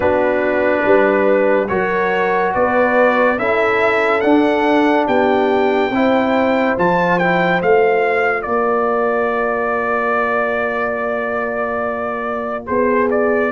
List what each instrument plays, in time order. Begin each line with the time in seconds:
0.00 tuba B3, trombone D4, horn F#4, trumpet B4
0.84 tuba G3, horn B4
1.68 tuba F#3, trombone F#4, horn A#4, trumpet C#5
2.54 tuba B3, horn B4, trumpet D5
3.38 tuba C#4, trombone E4, horn A4, trumpet E5
4.20 trombone D4, tuba D4, trumpet F#5
5.06 tuba B3, horn G4, trumpet G5
5.90 tuba C4, trombone E4, horn C5
6.77 tuba F3, trombone F4, trumpet A5
7.18 trombone E4, trumpet G5
7.60 tuba A3, trombone F4, trumpet F5
8.42 tuba A#3, horn A#4, trumpet D5
12.66 tuba B3, horn G#4, trumpet C5
13.11 trumpet D5